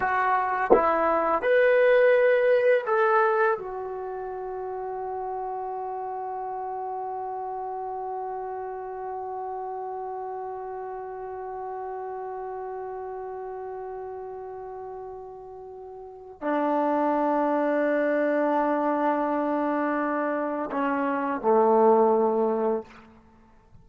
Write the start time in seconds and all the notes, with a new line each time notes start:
0.00 F#4
0.73 E4
1.42 B4
2.86 A4
3.58 F#4
16.41 D4
20.71 C#4
21.41 A3